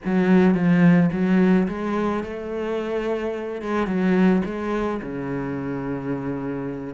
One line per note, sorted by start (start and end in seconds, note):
0.05 0.54 F#3
0.54 1.10 F3
1.12 1.67 F#3
1.68 2.23 G#3
2.23 3.61 A3
3.61 3.86 G#3
3.86 4.42 F#3
4.45 5.01 G#3
5.02 6.94 C#3